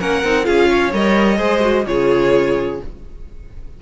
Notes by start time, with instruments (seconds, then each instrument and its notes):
0.00 cello A#3, viola C#4, violin A#4 F#5
0.24 cello C4, viola D#4
0.44 cello C#4, viola F4, violin G#4 F5
0.70 violin C#5
0.93 cello G3, viola A#4, violin D#5
1.38 cello G#3, viola G#4, violin C5
1.61 viola F#4
1.87 cello C#3, viola F4, violin G#4 C#5